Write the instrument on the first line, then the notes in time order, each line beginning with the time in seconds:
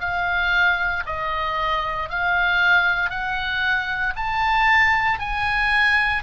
oboe
0.00 F5
1.06 D#5
2.10 F5
3.10 F#5
4.17 A5
5.20 G#5